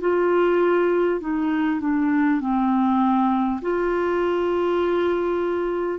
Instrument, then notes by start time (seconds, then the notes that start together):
clarinet
0.00 F4
1.20 D#4
1.80 D4
2.40 C4
3.61 F4